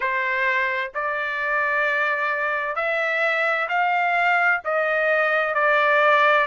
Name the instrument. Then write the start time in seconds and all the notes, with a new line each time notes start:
trumpet
0.00 C5
0.94 D5
2.75 E5
3.68 F5
4.64 D#5
5.54 D5